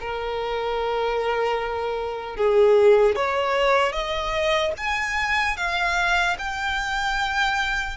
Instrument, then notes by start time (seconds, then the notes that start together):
violin
0.00 A#4
2.36 G#4
3.15 C#5
3.92 D#5
4.77 G#5
5.56 F5
6.38 G5